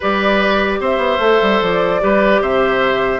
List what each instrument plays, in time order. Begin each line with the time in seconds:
0.00 bassoon G3, clarinet G4, oboe B4, flute D5
0.80 bassoon C4, oboe C5, flute E5
0.97 bassoon B3
1.18 bassoon A3, clarinet A4
1.42 bassoon G3
1.61 bassoon F3, flute D5
2.00 bassoon G3, clarinet G4, oboe B4
2.41 bassoon C3, oboe C5, flute E5